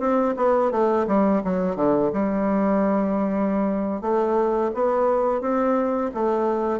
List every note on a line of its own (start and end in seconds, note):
0.00 0.35 C4
0.37 0.72 B3
0.72 1.07 A3
1.08 1.42 G3
1.45 1.76 F#3
1.76 2.11 D3
2.13 4.01 G3
4.01 4.71 A3
4.74 5.41 B3
5.41 6.11 C4
6.15 6.80 A3